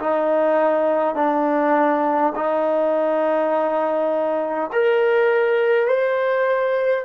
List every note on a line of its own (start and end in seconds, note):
0.00 1.16 D#4
1.16 2.33 D4
2.35 4.71 D#4
4.72 5.88 A#4
5.88 7.05 C5